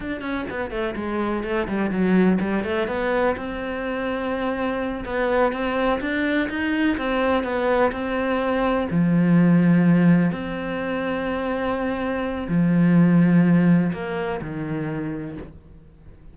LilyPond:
\new Staff \with { instrumentName = "cello" } { \time 4/4 \tempo 4 = 125 d'8 cis'8 b8 a8 gis4 a8 g8 | fis4 g8 a8 b4 c'4~ | c'2~ c'8 b4 c'8~ | c'8 d'4 dis'4 c'4 b8~ |
b8 c'2 f4.~ | f4. c'2~ c'8~ | c'2 f2~ | f4 ais4 dis2 | }